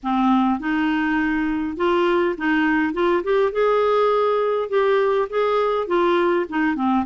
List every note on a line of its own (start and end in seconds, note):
0.03 0.59 C4
0.59 1.76 D#4
1.76 2.35 F4
2.37 2.93 D#4
2.93 3.22 F4
3.23 3.51 G4
3.51 4.69 G#4
4.69 5.28 G4
5.29 5.87 G#4
5.87 6.45 F4
6.49 6.75 D#4
6.75 7.05 C4